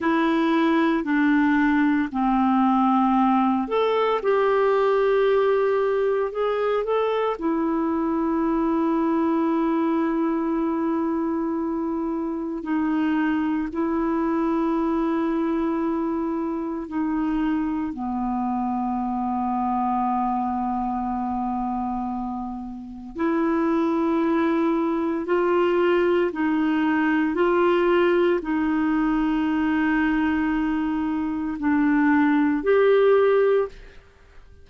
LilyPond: \new Staff \with { instrumentName = "clarinet" } { \time 4/4 \tempo 4 = 57 e'4 d'4 c'4. a'8 | g'2 gis'8 a'8 e'4~ | e'1 | dis'4 e'2. |
dis'4 b2.~ | b2 e'2 | f'4 dis'4 f'4 dis'4~ | dis'2 d'4 g'4 | }